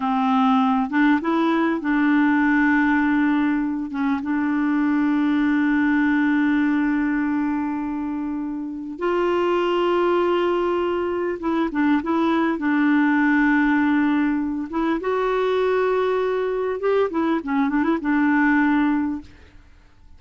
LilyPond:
\new Staff \with { instrumentName = "clarinet" } { \time 4/4 \tempo 4 = 100 c'4. d'8 e'4 d'4~ | d'2~ d'8 cis'8 d'4~ | d'1~ | d'2. f'4~ |
f'2. e'8 d'8 | e'4 d'2.~ | d'8 e'8 fis'2. | g'8 e'8 cis'8 d'16 e'16 d'2 | }